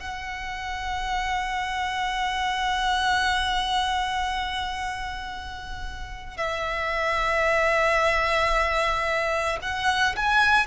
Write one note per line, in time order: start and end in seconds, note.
0.00 6.37 F#5
6.37 9.59 E5
9.62 10.15 F#5
10.16 10.67 G#5